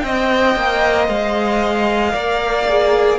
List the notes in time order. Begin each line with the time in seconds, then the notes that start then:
0.00 C4 C5 D#5 G5
0.56 A#3
1.09 G#3 F5
2.12 A#3 A#4 D5
2.69 G#4